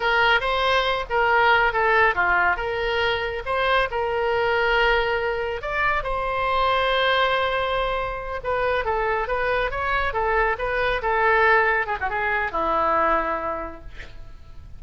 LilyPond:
\new Staff \with { instrumentName = "oboe" } { \time 4/4 \tempo 4 = 139 ais'4 c''4. ais'4. | a'4 f'4 ais'2 | c''4 ais'2.~ | ais'4 d''4 c''2~ |
c''2.~ c''8 b'8~ | b'8 a'4 b'4 cis''4 a'8~ | a'8 b'4 a'2 gis'16 fis'16 | gis'4 e'2. | }